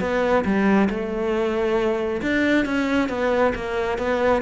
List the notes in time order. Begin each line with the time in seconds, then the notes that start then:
0.00 B3
0.45 G3
0.90 A3
2.21 D4
2.65 C#4
3.09 B3
3.55 A#3
3.98 B3